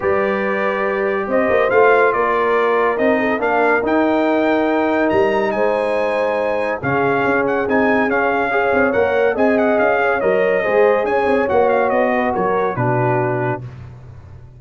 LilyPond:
<<
  \new Staff \with { instrumentName = "trumpet" } { \time 4/4 \tempo 4 = 141 d''2. dis''4 | f''4 d''2 dis''4 | f''4 g''2. | ais''4 gis''2. |
f''4. fis''8 gis''4 f''4~ | f''4 fis''4 gis''8 fis''8 f''4 | dis''2 gis''4 fis''8 f''8 | dis''4 cis''4 b'2 | }
  \new Staff \with { instrumentName = "horn" } { \time 4/4 b'2. c''4~ | c''4 ais'2~ ais'8 a'8 | ais'1~ | ais'4 c''2. |
gis'1 | cis''2 dis''4. cis''8~ | cis''4 c''4 cis''2~ | cis''8 b'8 ais'4 fis'2 | }
  \new Staff \with { instrumentName = "trombone" } { \time 4/4 g'1 | f'2. dis'4 | d'4 dis'2.~ | dis'1 |
cis'2 dis'4 cis'4 | gis'4 ais'4 gis'2 | ais'4 gis'2 fis'4~ | fis'2 d'2 | }
  \new Staff \with { instrumentName = "tuba" } { \time 4/4 g2. c'8 ais8 | a4 ais2 c'4 | ais4 dis'2. | g4 gis2. |
cis4 cis'4 c'4 cis'4~ | cis'8 c'8 ais4 c'4 cis'4 | fis4 gis4 cis'8 c'8 ais4 | b4 fis4 b,2 | }
>>